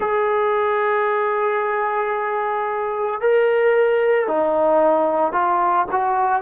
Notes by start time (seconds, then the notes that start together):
0.00 G#4
3.20 A#4
4.27 D#4
5.32 F4
5.91 F#4